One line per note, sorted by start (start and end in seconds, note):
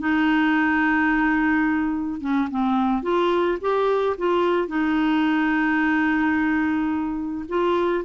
0.00 2.21 D#4
2.21 2.49 C#4
2.51 3.03 C4
3.03 3.59 F4
3.61 4.17 G4
4.18 4.68 F4
4.68 7.46 D#4
7.49 8.05 F4